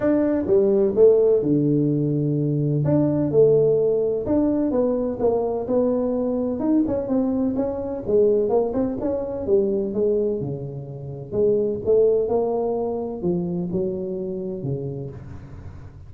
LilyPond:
\new Staff \with { instrumentName = "tuba" } { \time 4/4 \tempo 4 = 127 d'4 g4 a4 d4~ | d2 d'4 a4~ | a4 d'4 b4 ais4 | b2 dis'8 cis'8 c'4 |
cis'4 gis4 ais8 c'8 cis'4 | g4 gis4 cis2 | gis4 a4 ais2 | f4 fis2 cis4 | }